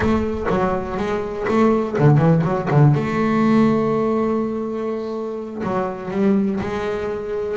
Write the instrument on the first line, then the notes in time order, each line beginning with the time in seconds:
double bass
0.00 A3
0.49 F#3
0.97 G#3
1.48 A3
1.99 D3
2.17 E3
2.44 F#3
2.71 D3
2.94 A3
5.63 F#3
6.10 G3
6.60 G#3